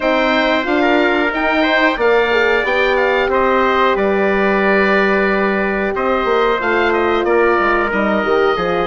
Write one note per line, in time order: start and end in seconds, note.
0.00 0.66 C4
0.00 0.63 D#4
0.00 0.82 C5
0.00 0.66 G5
0.63 1.32 D4
0.63 1.29 F4
0.63 1.32 F5
0.82 1.62 A#4
1.31 1.97 D#4
1.31 1.99 G5
1.62 1.95 C5
1.96 2.63 A#3
1.96 2.31 A#4
1.96 3.28 D5
1.96 2.65 F5
2.31 2.63 G#4
2.63 3.28 B3
2.63 6.58 G4
2.63 2.96 G5
2.96 3.29 F5
3.28 3.94 C4
3.28 3.96 C5
3.28 3.96 D#5
3.95 5.93 G3
3.95 5.93 B4
3.95 5.94 D5
5.95 6.24 C4
5.95 7.27 C5
5.95 6.61 D#5
6.24 6.57 A#3
6.59 7.24 A3
6.59 7.91 F4
6.59 6.92 F5
6.92 7.24 D#5
7.24 7.57 A#3
7.24 8.56 A#4
7.24 7.90 D5
7.59 7.92 G#3
7.91 8.23 G3
7.91 8.23 D#4
7.91 8.86 D#5
8.23 8.56 D#3
8.23 8.56 G4
8.56 8.86 F3
8.56 8.86 F4
8.56 8.86 G#4